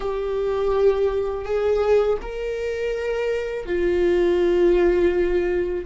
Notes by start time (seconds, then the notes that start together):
0.00 G4
1.44 G#4
2.22 A#4
3.66 F4